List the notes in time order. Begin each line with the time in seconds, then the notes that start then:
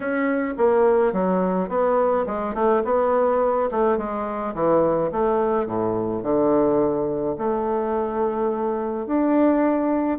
0.00 C#4
0.57 A#3
1.12 F#3
1.69 B3
2.26 G#3
2.54 A3
2.84 B3
3.71 A3
3.97 G#3
4.54 E3
5.11 A3
5.66 A2
6.22 D3
7.37 A3
9.06 D4